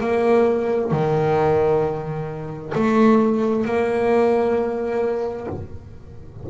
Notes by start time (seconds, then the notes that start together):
0.00 A#3
0.90 D#3
2.74 A3
3.65 A#3